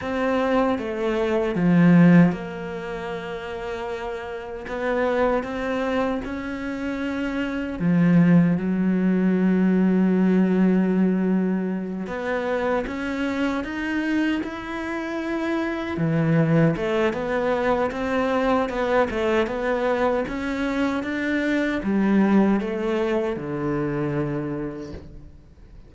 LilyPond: \new Staff \with { instrumentName = "cello" } { \time 4/4 \tempo 4 = 77 c'4 a4 f4 ais4~ | ais2 b4 c'4 | cis'2 f4 fis4~ | fis2.~ fis8 b8~ |
b8 cis'4 dis'4 e'4.~ | e'8 e4 a8 b4 c'4 | b8 a8 b4 cis'4 d'4 | g4 a4 d2 | }